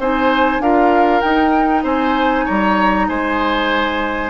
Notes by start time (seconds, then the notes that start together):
0.00 C4 D#4 C5 G#5
0.60 D4 F4 A#4 F5
1.21 D#4 G5
1.84 C4 C5 G#5
2.46 G3 C#5 A#5
3.09 G#3 C5 G#5